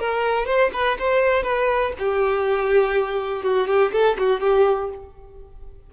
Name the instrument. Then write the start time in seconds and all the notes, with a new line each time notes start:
violin
0.00 A#4
0.46 C5
0.74 B4
0.99 C5
1.44 B4
1.99 G4
3.44 F#4
3.68 G4
3.93 A4
4.19 F#4
4.41 G4